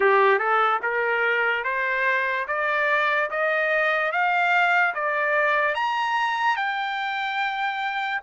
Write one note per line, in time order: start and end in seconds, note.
0.00 0.38 G4
0.38 0.80 A4
0.82 1.64 A#4
1.64 2.46 C5
2.47 3.30 D5
3.30 4.11 D#5
4.11 4.94 F5
4.94 5.75 D5
5.75 6.56 A#5
6.56 8.20 G5